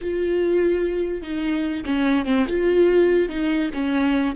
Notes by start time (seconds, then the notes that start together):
0.01 F4
1.22 D#4
1.85 C#4
2.25 C4
2.48 F4
3.29 D#4
3.73 C#4